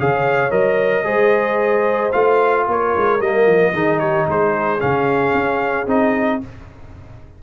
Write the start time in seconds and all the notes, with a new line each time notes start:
0.00 C#3 G#4 C#5 F5
0.51 F#3 A#4 D#5
1.04 G#3 G#4 C5
2.12 A3 F4 F5
2.68 A#3 A#4 C#5
2.97 G#3
3.20 G3 A#3 D#5
3.47 F3
3.74 D#3 D#4 G#4
4.00 G4 C#5
4.28 G#3 G#4 C5
4.80 C#3 C#4 F5
5.34 C#4
5.87 C4 D#4 D#5